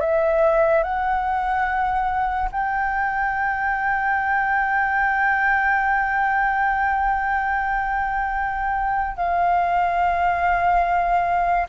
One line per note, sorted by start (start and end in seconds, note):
0.00 0.83 E5
0.83 2.50 F#5
2.52 9.17 G5
9.17 11.67 F5